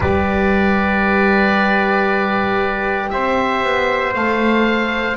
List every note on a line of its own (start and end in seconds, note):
0.00 3.09 G3
0.00 4.14 G4
0.00 3.11 B4
0.00 3.10 D5
3.10 3.63 C4
3.10 5.16 C5
3.10 4.13 E5
3.63 4.14 B3
4.14 5.16 A3
4.14 5.16 A4
4.14 5.16 F5